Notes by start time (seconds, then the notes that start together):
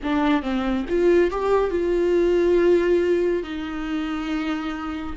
0.03 D4
0.42 C4
0.88 F4
1.30 G4
1.70 F4
3.43 D#4